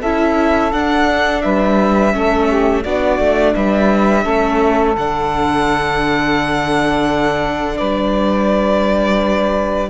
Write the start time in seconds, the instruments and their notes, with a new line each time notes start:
0.00 cello C#4, viola E4, saxophone A4, violin E5
0.73 cello D4, viola D4, violin F#5
1.42 cello G3, saxophone B4, violin E5
2.13 cello A3, viola C#4, saxophone A4
2.48 saxophone G4
2.82 cello B3, viola D4, saxophone F#4, violin D5
3.19 cello A3
3.55 cello G3, saxophone B4, violin E5
4.23 cello A3, viola C#4, saxophone A4
4.97 cello D3, viola D4, violin F#5
7.78 cello G3, saxophone B4, violin D5